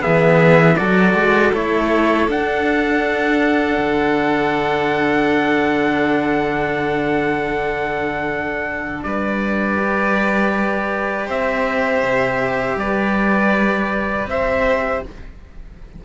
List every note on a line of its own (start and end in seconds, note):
0.00 0.80 E3
0.00 0.75 B3
0.00 0.77 G#4
0.00 0.76 E5
0.76 1.14 F#3
0.76 1.53 F#4
0.76 9.04 A4
0.76 1.51 D5
1.14 1.51 G#3
1.53 2.28 A3
1.53 2.28 E4
1.53 2.29 C#5
2.28 3.78 D4
2.28 9.77 D4
2.28 9.03 F#5
3.78 9.03 D3
9.03 11.29 G3
9.03 11.26 B4
9.03 11.28 D5
9.77 15.02 G4
11.26 12.03 C4
11.26 12.76 C5
11.26 12.78 E5
12.03 12.76 C3
12.76 14.26 G3
12.76 14.29 B4
12.76 14.28 D5
14.26 15.01 C4
14.26 15.04 C5
14.26 15.04 E5